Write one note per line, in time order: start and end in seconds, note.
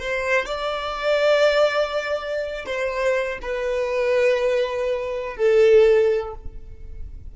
0.00 0.46 C5
0.46 2.65 D5
2.66 3.39 C5
3.42 5.37 B4
5.37 6.34 A4